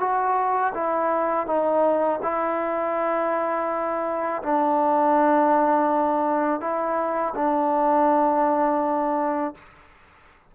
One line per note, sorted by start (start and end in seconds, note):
0.00 0.73 F#4
0.74 1.47 E4
1.47 2.20 D#4
2.23 4.42 E4
4.43 6.61 D4
6.61 7.34 E4
7.35 9.55 D4